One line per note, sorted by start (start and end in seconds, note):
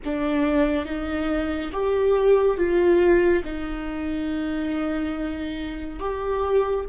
0.04 0.85 D4
0.85 1.70 D#4
1.72 2.57 G4
2.57 3.43 F4
3.44 5.99 D#4
5.99 6.85 G4